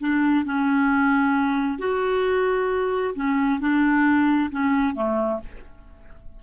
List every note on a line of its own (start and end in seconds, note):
0.00 0.45 D4
0.45 1.79 C#4
1.79 3.14 F#4
3.15 3.60 C#4
3.60 4.50 D4
4.51 4.95 C#4
4.95 5.40 A3